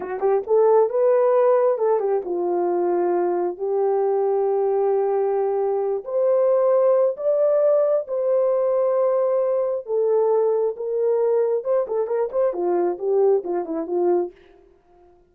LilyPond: \new Staff \with { instrumentName = "horn" } { \time 4/4 \tempo 4 = 134 fis'8 g'8 a'4 b'2 | a'8 g'8 f'2. | g'1~ | g'4. c''2~ c''8 |
d''2 c''2~ | c''2 a'2 | ais'2 c''8 a'8 ais'8 c''8 | f'4 g'4 f'8 e'8 f'4 | }